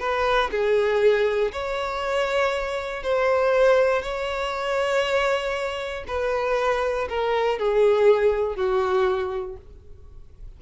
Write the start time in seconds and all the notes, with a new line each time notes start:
0.00 B4
0.51 G#4
1.52 C#5
3.03 C5
4.02 C#5
6.07 B4
7.09 A#4
7.59 G#4
8.56 F#4